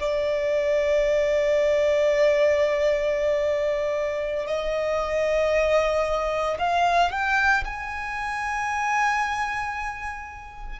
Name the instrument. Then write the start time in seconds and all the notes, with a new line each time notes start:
violin
0.00 D5
4.47 D#5
6.58 F5
7.11 G5
7.65 G#5